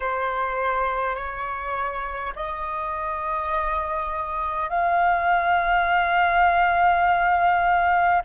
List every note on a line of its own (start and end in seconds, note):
0.00 1.15 C5
1.15 2.33 C#5
2.35 4.69 D#5
4.69 8.22 F5